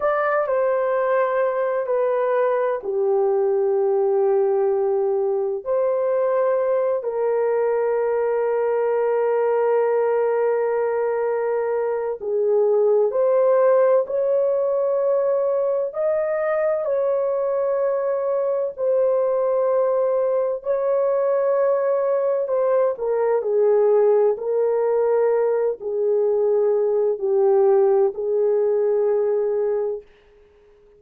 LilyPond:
\new Staff \with { instrumentName = "horn" } { \time 4/4 \tempo 4 = 64 d''8 c''4. b'4 g'4~ | g'2 c''4. ais'8~ | ais'1~ | ais'4 gis'4 c''4 cis''4~ |
cis''4 dis''4 cis''2 | c''2 cis''2 | c''8 ais'8 gis'4 ais'4. gis'8~ | gis'4 g'4 gis'2 | }